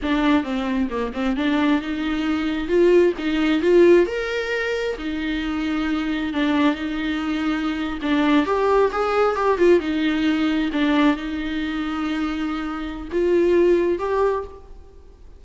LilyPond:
\new Staff \with { instrumentName = "viola" } { \time 4/4 \tempo 4 = 133 d'4 c'4 ais8 c'8 d'4 | dis'2 f'4 dis'4 | f'4 ais'2 dis'4~ | dis'2 d'4 dis'4~ |
dis'4.~ dis'16 d'4 g'4 gis'16~ | gis'8. g'8 f'8 dis'2 d'16~ | d'8. dis'2.~ dis'16~ | dis'4 f'2 g'4 | }